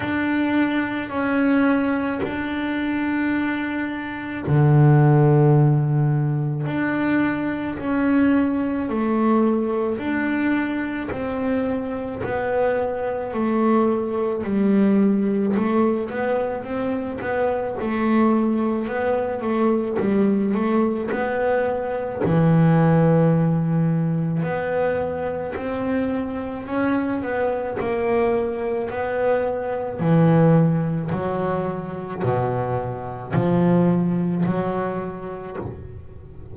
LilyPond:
\new Staff \with { instrumentName = "double bass" } { \time 4/4 \tempo 4 = 54 d'4 cis'4 d'2 | d2 d'4 cis'4 | a4 d'4 c'4 b4 | a4 g4 a8 b8 c'8 b8 |
a4 b8 a8 g8 a8 b4 | e2 b4 c'4 | cis'8 b8 ais4 b4 e4 | fis4 b,4 f4 fis4 | }